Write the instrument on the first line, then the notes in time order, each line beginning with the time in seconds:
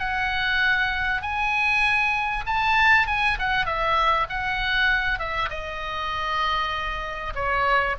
oboe
0.00 F#5
1.22 G#5
2.47 A5
3.08 G#5
3.40 F#5
3.67 E5
4.30 F#5
5.19 E5
5.50 D#5
7.36 C#5